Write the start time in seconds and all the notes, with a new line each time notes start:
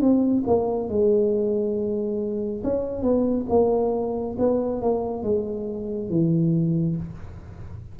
0.00 C4
0.47 A#3
0.89 G#3
2.64 C#4
3.02 B3
3.49 A#3
4.38 B3
4.81 A#3
5.23 G#3
6.09 E3